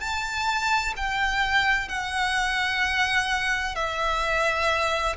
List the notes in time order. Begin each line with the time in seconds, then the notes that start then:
0.00 A5
0.97 G5
1.89 F#5
3.75 E5